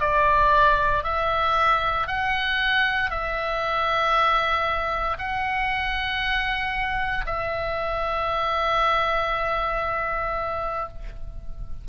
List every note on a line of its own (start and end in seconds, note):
0.00 1.03 D5
1.04 2.07 E5
2.07 3.10 F#5
3.10 5.17 E5
5.18 7.25 F#5
7.26 10.88 E5